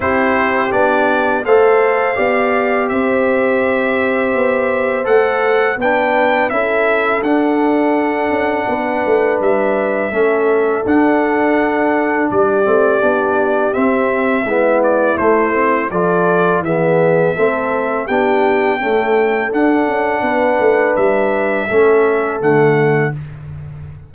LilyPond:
<<
  \new Staff \with { instrumentName = "trumpet" } { \time 4/4 \tempo 4 = 83 c''4 d''4 f''2 | e''2. fis''4 | g''4 e''4 fis''2~ | fis''4 e''2 fis''4~ |
fis''4 d''2 e''4~ | e''8 d''8 c''4 d''4 e''4~ | e''4 g''2 fis''4~ | fis''4 e''2 fis''4 | }
  \new Staff \with { instrumentName = "horn" } { \time 4/4 g'2 c''4 d''4 | c''1 | b'4 a'2. | b'2 a'2~ |
a'4 g'2. | e'2 a'4 gis'4 | a'4 g'4 a'2 | b'2 a'2 | }
  \new Staff \with { instrumentName = "trombone" } { \time 4/4 e'4 d'4 a'4 g'4~ | g'2. a'4 | d'4 e'4 d'2~ | d'2 cis'4 d'4~ |
d'4. c'8 d'4 c'4 | b4 a8 c'8 f'4 b4 | c'4 d'4 a4 d'4~ | d'2 cis'4 a4 | }
  \new Staff \with { instrumentName = "tuba" } { \time 4/4 c'4 b4 a4 b4 | c'2 b4 a4 | b4 cis'4 d'4. cis'8 | b8 a8 g4 a4 d'4~ |
d'4 g8 a8 b4 c'4 | gis4 a4 f4 e4 | a4 b4 cis'4 d'8 cis'8 | b8 a8 g4 a4 d4 | }
>>